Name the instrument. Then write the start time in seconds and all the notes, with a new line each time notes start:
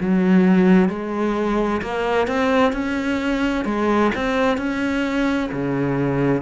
cello
0.00 F#3
0.89 G#3
1.82 A#3
2.27 C4
2.72 C#4
3.65 G#3
4.15 C4
4.57 C#4
5.52 C#3